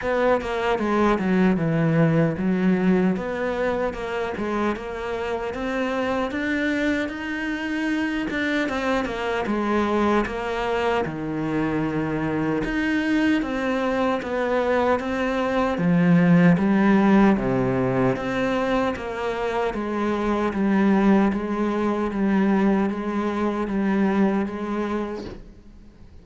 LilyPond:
\new Staff \with { instrumentName = "cello" } { \time 4/4 \tempo 4 = 76 b8 ais8 gis8 fis8 e4 fis4 | b4 ais8 gis8 ais4 c'4 | d'4 dis'4. d'8 c'8 ais8 | gis4 ais4 dis2 |
dis'4 c'4 b4 c'4 | f4 g4 c4 c'4 | ais4 gis4 g4 gis4 | g4 gis4 g4 gis4 | }